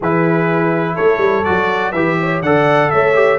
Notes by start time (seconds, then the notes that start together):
0.00 E3 E4 G#4 B4
0.94 A3 A4 C#5
1.18 G3
1.43 F#3 F#4 D5
1.91 E3 G4 B4 E5
2.20 C#5
2.41 D3 A4 D5 F#5
2.90 A3 C#5 E5
3.14 G4